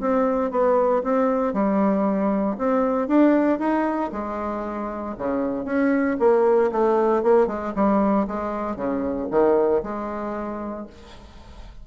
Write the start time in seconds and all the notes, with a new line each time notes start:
0.00 C4
0.51 B3
1.03 C4
1.53 G3
2.57 C4
3.08 D4
3.59 D#4
4.12 G#3
5.18 C#3
5.65 C#4
6.19 A#3
6.71 A3
7.23 A#3
7.47 G#3
7.75 G3
8.27 G#3
8.76 C#3
9.31 D#3
9.83 G#3